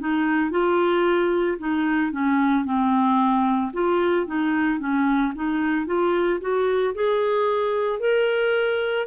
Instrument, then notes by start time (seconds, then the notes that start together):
clarinet
0.00 D#4
0.51 F4
1.59 D#4
2.12 C#4
2.65 C4
3.73 F4
4.27 D#4
4.80 C#4
5.35 D#4
5.86 F4
6.41 F#4
6.94 G#4
8.00 A#4